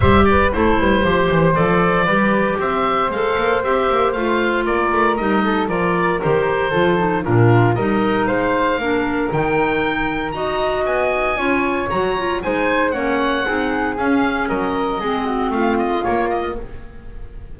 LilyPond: <<
  \new Staff \with { instrumentName = "oboe" } { \time 4/4 \tempo 4 = 116 e''8 d''8 c''2 d''4~ | d''4 e''4 f''4 e''4 | f''4 d''4 dis''4 d''4 | c''2 ais'4 dis''4 |
f''2 g''2 | ais''4 gis''2 ais''4 | gis''4 fis''2 f''4 | dis''2 f''8 dis''8 cis''8 dis''8 | }
  \new Staff \with { instrumentName = "flute" } { \time 4/4 c''8 b'8 a'8 b'8 c''2 | b'4 c''2.~ | c''4 ais'4. a'8 ais'4~ | ais'4 a'4 f'4 ais'4 |
c''4 ais'2. | dis''2 cis''2 | c''4 cis''4 gis'2 | ais'4 gis'8 fis'8 f'2 | }
  \new Staff \with { instrumentName = "clarinet" } { \time 4/4 g'4 e'4 g'4 a'4 | g'2 a'4 g'4 | f'2 dis'4 f'4 | g'4 f'8 dis'8 d'4 dis'4~ |
dis'4 d'4 dis'2 | fis'2 f'4 fis'8 f'8 | dis'4 cis'4 dis'4 cis'4~ | cis'4 c'2 ais4 | }
  \new Staff \with { instrumentName = "double bass" } { \time 4/4 g4 a8 g8 f8 e8 f4 | g4 c'4 gis8 ais8 c'8 ais8 | a4 ais8 a8 g4 f4 | dis4 f4 ais,4 g4 |
gis4 ais4 dis2 | dis'4 b4 cis'4 fis4 | gis4 ais4 c'4 cis'4 | fis4 gis4 a4 ais4 | }
>>